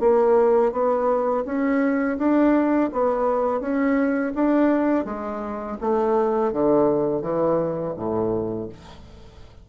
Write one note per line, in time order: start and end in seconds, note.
0.00 0.72 A#3
0.72 1.44 B3
1.45 2.18 C#4
2.18 2.90 D4
2.93 3.60 B3
3.60 4.33 C#4
4.35 5.05 D4
5.05 5.77 G#3
5.81 6.53 A3
6.53 7.22 D3
7.22 7.94 E3
7.97 8.69 A2